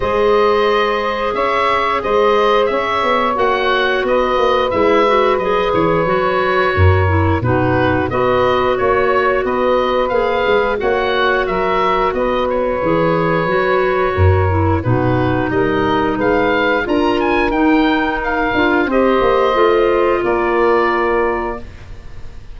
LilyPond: <<
  \new Staff \with { instrumentName = "oboe" } { \time 4/4 \tempo 4 = 89 dis''2 e''4 dis''4 | e''4 fis''4 dis''4 e''4 | dis''8 cis''2~ cis''8 b'4 | dis''4 cis''4 dis''4 f''4 |
fis''4 e''4 dis''8 cis''4.~ | cis''2 b'4 dis''4 | f''4 ais''8 gis''8 g''4 f''4 | dis''2 d''2 | }
  \new Staff \with { instrumentName = "saxophone" } { \time 4/4 c''2 cis''4 c''4 | cis''2 b'2~ | b'2 ais'4 fis'4 | b'4 cis''4 b'2 |
cis''4 ais'4 b'2~ | b'4 ais'4 fis'4 ais'4 | b'4 ais'2. | c''2 ais'2 | }
  \new Staff \with { instrumentName = "clarinet" } { \time 4/4 gis'1~ | gis'4 fis'2 e'8 fis'8 | gis'4 fis'4. e'8 dis'4 | fis'2. gis'4 |
fis'2. gis'4 | fis'4. e'8 dis'2~ | dis'4 f'4 dis'4. f'8 | g'4 f'2. | }
  \new Staff \with { instrumentName = "tuba" } { \time 4/4 gis2 cis'4 gis4 | cis'8 b8 ais4 b8 ais8 gis4 | fis8 e8 fis4 fis,4 b,4 | b4 ais4 b4 ais8 gis8 |
ais4 fis4 b4 e4 | fis4 fis,4 b,4 g4 | gis4 d'4 dis'4. d'8 | c'8 ais8 a4 ais2 | }
>>